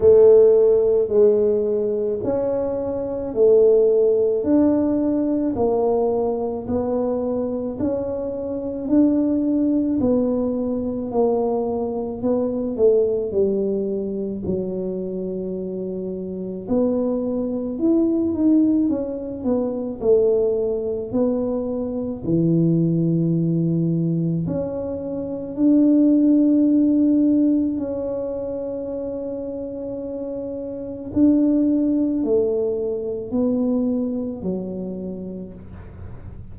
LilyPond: \new Staff \with { instrumentName = "tuba" } { \time 4/4 \tempo 4 = 54 a4 gis4 cis'4 a4 | d'4 ais4 b4 cis'4 | d'4 b4 ais4 b8 a8 | g4 fis2 b4 |
e'8 dis'8 cis'8 b8 a4 b4 | e2 cis'4 d'4~ | d'4 cis'2. | d'4 a4 b4 fis4 | }